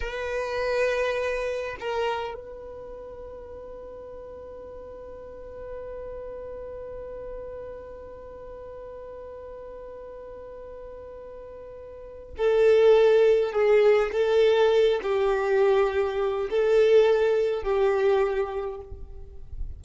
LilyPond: \new Staff \with { instrumentName = "violin" } { \time 4/4 \tempo 4 = 102 b'2. ais'4 | b'1~ | b'1~ | b'1~ |
b'1~ | b'4 a'2 gis'4 | a'4. g'2~ g'8 | a'2 g'2 | }